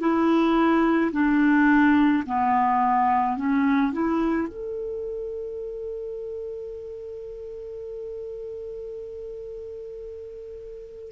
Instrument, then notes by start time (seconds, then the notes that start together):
clarinet
0.00 E4
1.12 D4
2.26 B3
3.36 C#4
3.92 E4
4.48 A4